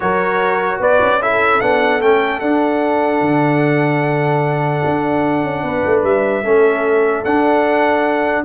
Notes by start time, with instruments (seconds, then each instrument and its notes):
0.00 tuba F#3, trombone F#4, horn A#4, trumpet C#5
0.79 tuba B3, horn B4, trumpet D5
1.00 tuba C#4
1.21 trombone E4, horn A4, trumpet E5
1.60 tuba B3, trombone D4, trumpet F#5
2.01 tuba A3, trombone C#4, trumpet G5
2.40 tuba D4, trombone D4, trumpet F#5
3.21 tuba D3
4.84 tuba D4
5.43 tuba C#4
5.63 tuba B3, horn B4
5.86 tuba A3
6.03 tuba G3, trumpet E5
6.44 tuba A3, trombone C#4, horn A4
7.24 tuba D4, trombone D4, trumpet F#5